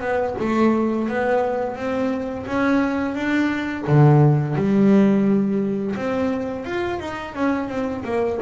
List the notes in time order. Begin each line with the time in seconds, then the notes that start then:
0.00 B3
0.39 A3
1.08 B3
1.76 C4
2.46 C#4
3.15 D4
3.87 D3
4.55 G3
5.95 C4
6.65 F4
6.99 D#4
7.34 C#4
7.68 C4
8.04 A#3